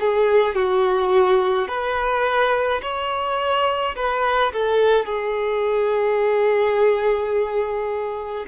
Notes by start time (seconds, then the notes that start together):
0.00 G#4
0.55 F#4
1.68 B4
2.82 C#5
3.96 B4
4.53 A4
5.05 G#4